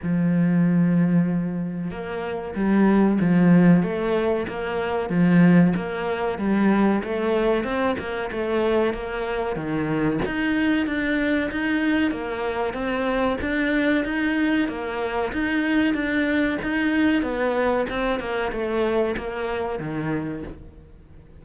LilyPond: \new Staff \with { instrumentName = "cello" } { \time 4/4 \tempo 4 = 94 f2. ais4 | g4 f4 a4 ais4 | f4 ais4 g4 a4 | c'8 ais8 a4 ais4 dis4 |
dis'4 d'4 dis'4 ais4 | c'4 d'4 dis'4 ais4 | dis'4 d'4 dis'4 b4 | c'8 ais8 a4 ais4 dis4 | }